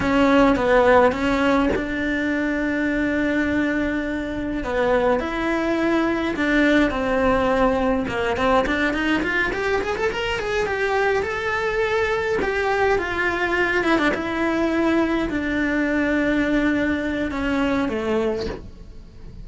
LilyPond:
\new Staff \with { instrumentName = "cello" } { \time 4/4 \tempo 4 = 104 cis'4 b4 cis'4 d'4~ | d'1 | b4 e'2 d'4 | c'2 ais8 c'8 d'8 dis'8 |
f'8 g'8 gis'16 a'16 ais'8 gis'8 g'4 a'8~ | a'4. g'4 f'4. | e'16 d'16 e'2 d'4.~ | d'2 cis'4 a4 | }